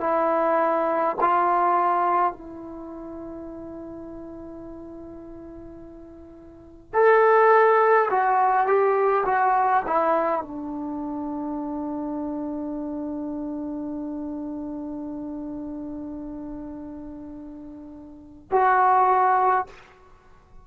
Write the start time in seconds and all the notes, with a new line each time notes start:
0.00 E4
1.21 F4
2.32 E4
6.93 A4
8.10 F#4
8.66 G4
9.25 F#4
9.87 E4
10.42 D4
18.51 F#4